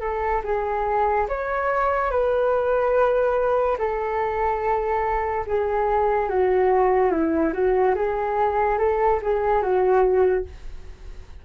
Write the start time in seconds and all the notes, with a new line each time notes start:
0.00 A4
0.44 G#4
1.28 C#5
2.10 B4
3.78 A4
5.46 G#4
6.29 F#4
7.11 E4
7.53 F#4
7.95 G#4
8.78 A4
9.22 G#4
9.61 F#4